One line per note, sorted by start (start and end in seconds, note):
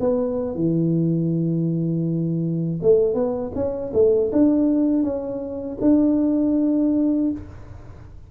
0.00 0.55 B3
0.55 2.80 E3
2.82 3.15 A3
3.15 3.52 B3
3.55 3.92 C#4
3.94 4.31 A3
4.32 5.03 D4
5.03 5.78 C#4
5.81 7.31 D4